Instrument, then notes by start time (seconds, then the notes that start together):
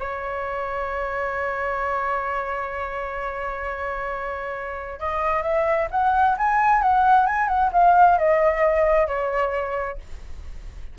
flute
0.00 C#5
5.00 D#5
5.43 E5
5.91 F#5
6.38 G#5
6.82 F#5
7.27 G#5
7.48 F#5
7.73 F5
8.18 D#5
9.08 C#5